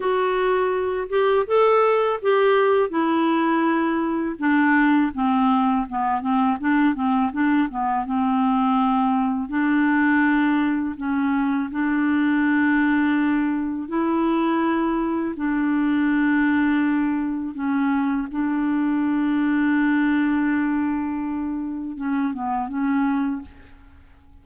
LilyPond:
\new Staff \with { instrumentName = "clarinet" } { \time 4/4 \tempo 4 = 82 fis'4. g'8 a'4 g'4 | e'2 d'4 c'4 | b8 c'8 d'8 c'8 d'8 b8 c'4~ | c'4 d'2 cis'4 |
d'2. e'4~ | e'4 d'2. | cis'4 d'2.~ | d'2 cis'8 b8 cis'4 | }